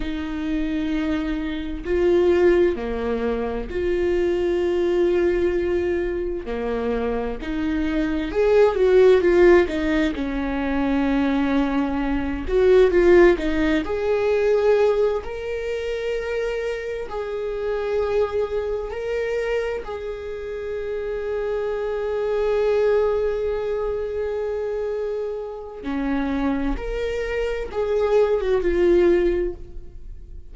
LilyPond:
\new Staff \with { instrumentName = "viola" } { \time 4/4 \tempo 4 = 65 dis'2 f'4 ais4 | f'2. ais4 | dis'4 gis'8 fis'8 f'8 dis'8 cis'4~ | cis'4. fis'8 f'8 dis'8 gis'4~ |
gis'8 ais'2 gis'4.~ | gis'8 ais'4 gis'2~ gis'8~ | gis'1 | cis'4 ais'4 gis'8. fis'16 f'4 | }